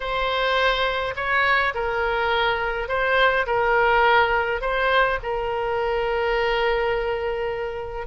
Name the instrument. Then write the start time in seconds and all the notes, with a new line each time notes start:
oboe
0.00 C5
1.16 C#5
1.74 A#4
2.88 C5
3.46 A#4
4.61 C5
5.22 A#4